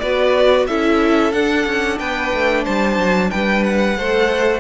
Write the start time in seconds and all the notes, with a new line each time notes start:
0.00 B3 F#4 B4 D5
0.67 C#4 E4 A4 E5
1.32 D4 F#5
1.67 C#4
1.99 B3 B4 G5
2.34 A3
2.64 G3 C5 A5
2.98 F#3
3.31 G3 B4 G5
3.64 F#5
3.97 A3 A4 C5